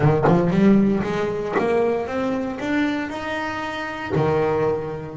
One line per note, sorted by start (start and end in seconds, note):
0.00 0.24 D#3
0.27 0.50 F3
0.50 1.02 G3
1.03 1.55 G#3
1.58 2.07 A#3
2.07 2.58 C4
2.60 3.09 D4
3.09 4.13 D#4
4.15 5.17 D#3